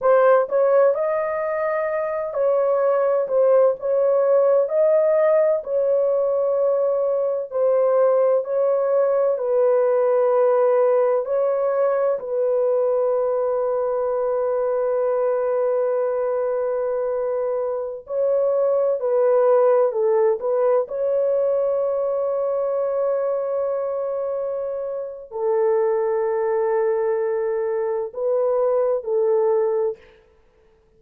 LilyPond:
\new Staff \with { instrumentName = "horn" } { \time 4/4 \tempo 4 = 64 c''8 cis''8 dis''4. cis''4 c''8 | cis''4 dis''4 cis''2 | c''4 cis''4 b'2 | cis''4 b'2.~ |
b'2.~ b'16 cis''8.~ | cis''16 b'4 a'8 b'8 cis''4.~ cis''16~ | cis''2. a'4~ | a'2 b'4 a'4 | }